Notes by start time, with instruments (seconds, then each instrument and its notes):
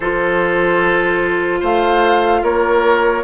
0.00 bassoon F3, clarinet F4, oboe A4, flute C5
1.60 bassoon A3, oboe C5, flute F5
2.42 bassoon A#3, oboe A#4, flute C#5